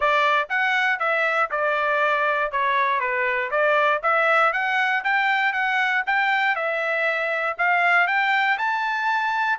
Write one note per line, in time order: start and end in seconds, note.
0.00 0.48 D5
0.49 0.99 F#5
0.99 1.49 E5
1.50 2.51 D5
2.51 3.00 C#5
3.00 3.50 B4
3.50 4.01 D5
4.02 4.52 E5
4.52 5.03 F#5
5.04 5.52 G5
5.52 6.03 F#5
6.06 6.55 G5
6.55 7.56 E5
7.57 8.07 F5
8.07 8.57 G5
8.58 9.58 A5